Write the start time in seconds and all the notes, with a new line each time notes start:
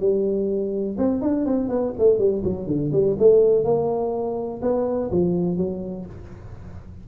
0.00 G3
0.98 C4
1.22 D4
1.46 C4
1.69 B3
1.99 A3
2.19 G3
2.45 F#3
2.67 D3
2.93 G3
3.19 A3
3.65 A#3
4.62 B3
5.11 F3
5.58 F#3